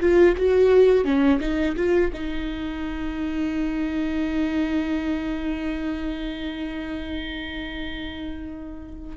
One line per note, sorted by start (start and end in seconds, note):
0.00 0.35 F4
0.37 1.04 F#4
1.04 1.40 C#4
1.40 1.75 D#4
1.76 2.11 F4
2.13 9.17 D#4